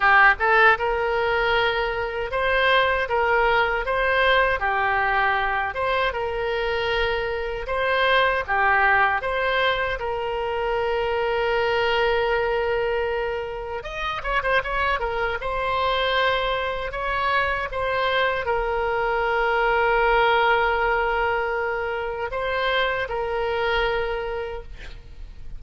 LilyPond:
\new Staff \with { instrumentName = "oboe" } { \time 4/4 \tempo 4 = 78 g'8 a'8 ais'2 c''4 | ais'4 c''4 g'4. c''8 | ais'2 c''4 g'4 | c''4 ais'2.~ |
ais'2 dis''8 cis''16 c''16 cis''8 ais'8 | c''2 cis''4 c''4 | ais'1~ | ais'4 c''4 ais'2 | }